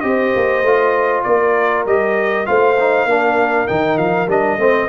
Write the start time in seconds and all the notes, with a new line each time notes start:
0.00 C4 G4 C5 D#5
0.35 A#3
0.62 A3 F4
1.23 A#3 A#4 D5
1.85 G3 G4 D#5
2.46 A3 F4 C5 F5
2.80 D#4
3.05 A#3 D4 A#4
3.67 D#3 D#4 G5
3.98 F3 F5
4.28 G3 D4 D#5
4.57 A3 C4 C5